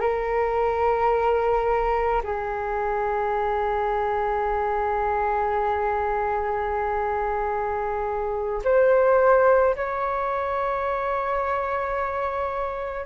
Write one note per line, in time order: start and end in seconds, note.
0.00 2.22 A#4
2.23 8.62 G#4
8.64 9.75 C5
9.76 13.06 C#5